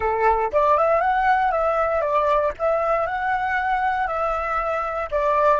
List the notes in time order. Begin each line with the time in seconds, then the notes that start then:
0.00 A4
0.52 D5
0.77 E5
1.00 F#5
1.51 E5
2.01 D5
2.58 E5
3.06 F#5
4.07 E5
5.11 D5